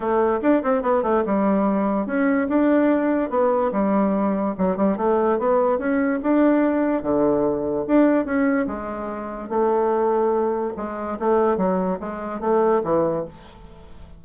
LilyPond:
\new Staff \with { instrumentName = "bassoon" } { \time 4/4 \tempo 4 = 145 a4 d'8 c'8 b8 a8 g4~ | g4 cis'4 d'2 | b4 g2 fis8 g8 | a4 b4 cis'4 d'4~ |
d'4 d2 d'4 | cis'4 gis2 a4~ | a2 gis4 a4 | fis4 gis4 a4 e4 | }